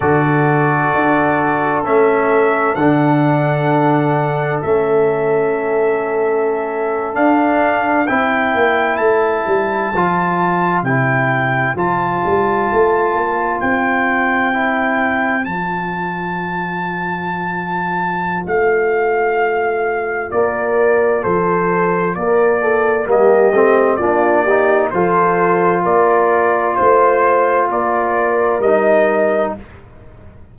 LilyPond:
<<
  \new Staff \with { instrumentName = "trumpet" } { \time 4/4 \tempo 4 = 65 d''2 e''4 fis''4~ | fis''4 e''2~ e''8. f''16~ | f''8. g''4 a''2 g''16~ | g''8. a''2 g''4~ g''16~ |
g''8. a''2.~ a''16 | f''2 d''4 c''4 | d''4 dis''4 d''4 c''4 | d''4 c''4 d''4 dis''4 | }
  \new Staff \with { instrumentName = "horn" } { \time 4/4 a'1~ | a'1~ | a'8. c''2.~ c''16~ | c''1~ |
c''1~ | c''2 ais'4 a'4 | ais'8 a'8 g'4 f'8 g'8 a'4 | ais'4 c''4 ais'2 | }
  \new Staff \with { instrumentName = "trombone" } { \time 4/4 fis'2 cis'4 d'4~ | d'4 cis'2~ cis'8. d'16~ | d'8. e'2 f'4 e'16~ | e'8. f'2. e'16~ |
e'8. f'2.~ f'16~ | f'1~ | f'4 ais8 c'8 d'8 dis'8 f'4~ | f'2. dis'4 | }
  \new Staff \with { instrumentName = "tuba" } { \time 4/4 d4 d'4 a4 d4~ | d4 a2~ a8. d'16~ | d'8. c'8 ais8 a8 g8 f4 c16~ | c8. f8 g8 a8 ais8 c'4~ c'16~ |
c'8. f2.~ f16 | a2 ais4 f4 | ais4 g8 a8 ais4 f4 | ais4 a4 ais4 g4 | }
>>